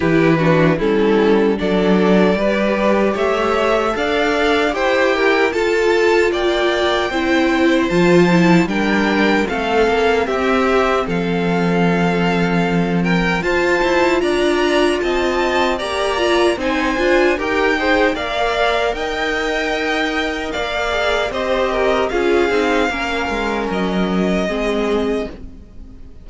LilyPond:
<<
  \new Staff \with { instrumentName = "violin" } { \time 4/4 \tempo 4 = 76 b'4 a'4 d''2 | e''4 f''4 g''4 a''4 | g''2 a''4 g''4 | f''4 e''4 f''2~ |
f''8 g''8 a''4 ais''4 a''4 | ais''4 gis''4 g''4 f''4 | g''2 f''4 dis''4 | f''2 dis''2 | }
  \new Staff \with { instrumentName = "violin" } { \time 4/4 g'8 fis'8 e'4 a'4 b'4 | cis''4 d''4 c''8 ais'8 a'4 | d''4 c''2 ais'4 | a'4 g'4 a'2~ |
a'8 ais'8 c''4 d''4 dis''4 | d''4 c''4 ais'8 c''8 d''4 | dis''2 d''4 c''8 ais'8 | gis'4 ais'2 gis'4 | }
  \new Staff \with { instrumentName = "viola" } { \time 4/4 e'8 d'8 cis'4 d'4 g'4~ | g'4 a'4 g'4 f'4~ | f'4 e'4 f'8 e'8 d'4 | c'1~ |
c'4 f'2. | g'8 f'8 dis'8 f'8 g'8 gis'8 ais'4~ | ais'2~ ais'8 gis'8 g'4 | f'8 dis'8 cis'2 c'4 | }
  \new Staff \with { instrumentName = "cello" } { \time 4/4 e4 g4 fis4 g4 | a4 d'4 e'4 f'4 | ais4 c'4 f4 g4 | a8 ais8 c'4 f2~ |
f4 f'8 e'8 d'4 c'4 | ais4 c'8 d'8 dis'4 ais4 | dis'2 ais4 c'4 | cis'8 c'8 ais8 gis8 fis4 gis4 | }
>>